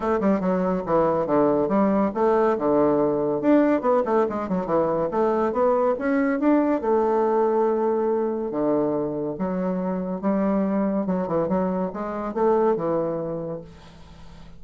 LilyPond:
\new Staff \with { instrumentName = "bassoon" } { \time 4/4 \tempo 4 = 141 a8 g8 fis4 e4 d4 | g4 a4 d2 | d'4 b8 a8 gis8 fis8 e4 | a4 b4 cis'4 d'4 |
a1 | d2 fis2 | g2 fis8 e8 fis4 | gis4 a4 e2 | }